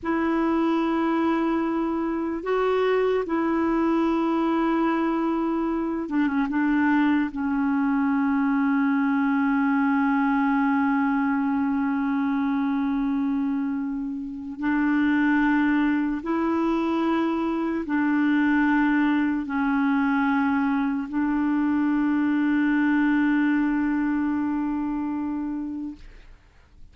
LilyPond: \new Staff \with { instrumentName = "clarinet" } { \time 4/4 \tempo 4 = 74 e'2. fis'4 | e'2.~ e'8 d'16 cis'16 | d'4 cis'2.~ | cis'1~ |
cis'2 d'2 | e'2 d'2 | cis'2 d'2~ | d'1 | }